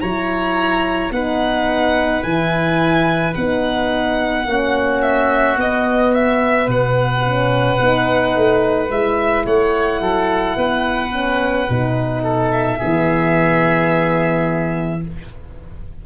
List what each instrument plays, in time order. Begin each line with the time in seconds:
0.00 tuba F#3, horn E4, oboe C#5, violin A#5
1.10 tuba B3, horn D#4, oboe B4, violin F#5
2.23 tuba E3, horn E4, violin G#5
3.34 tuba B3, horn D#4, violin F#5
4.45 tuba A#3, horn C#4, oboe F#4
5.01 violin E5
5.56 tuba B3, horn B3, violin D#5
6.14 violin E5
6.66 tuba B2, oboe B4, violin F#5
7.25 horn C#4
7.78 tuba B3, horn D#4
8.35 tuba A3
8.89 tuba G#3, horn E4, violin E5
9.45 tuba A3, oboe C#5, violin F#5
10.00 tuba F#3, oboe A4
10.56 tuba B3, oboe B4
11.12 horn C#4
11.69 tuba B2, horn D#4
12.23 oboe A4
12.51 violin E5
12.78 tuba E3, horn B3, oboe G#4